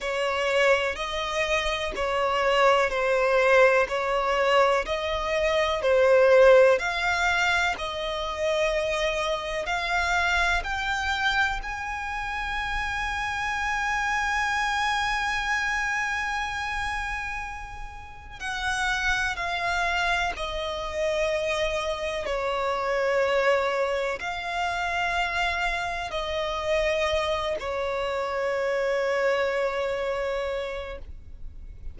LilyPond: \new Staff \with { instrumentName = "violin" } { \time 4/4 \tempo 4 = 62 cis''4 dis''4 cis''4 c''4 | cis''4 dis''4 c''4 f''4 | dis''2 f''4 g''4 | gis''1~ |
gis''2. fis''4 | f''4 dis''2 cis''4~ | cis''4 f''2 dis''4~ | dis''8 cis''2.~ cis''8 | }